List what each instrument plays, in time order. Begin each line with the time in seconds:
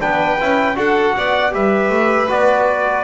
0.00 double bass B3, trombone D4, violin B4, trumpet G5
0.40 double bass C#4, trombone E4
0.75 double bass D4, trombone F#4, violin A4, trumpet F#5
1.17 double bass B3, violin D5
1.51 double bass G3, trombone G4, violin B4, trumpet E5
1.90 double bass A3
2.29 double bass B3, trombone F#4, trumpet D5